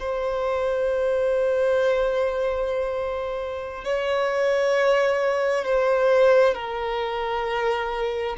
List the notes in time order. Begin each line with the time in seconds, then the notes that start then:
0.00 C5
3.85 C#5
5.65 C5
6.55 A#4